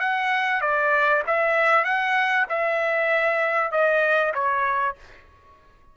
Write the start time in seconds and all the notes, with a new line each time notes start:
0.00 F#5
0.61 D5
1.27 E5
1.85 F#5
2.50 E5
3.72 D#5
4.34 C#5